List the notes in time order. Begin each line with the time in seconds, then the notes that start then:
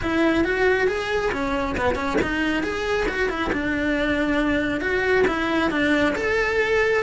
0.02 E4
0.44 F#4
0.87 G#4
1.32 C#4
1.77 B3
1.95 C#4
2.22 D#4
2.63 G#4
3.08 F#4
3.29 E4
3.52 D4
4.81 F#4
5.27 E4
5.70 D4
6.15 A4